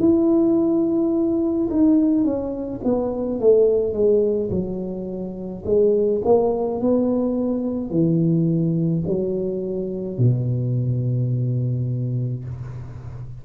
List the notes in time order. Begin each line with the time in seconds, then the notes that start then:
0.00 E4
1.71 D#4
2.24 C#4
2.85 B3
3.40 A3
3.94 G#3
4.51 F#3
5.66 G#3
6.25 A#3
6.81 B3
7.90 E3
9.07 F#3
10.18 B2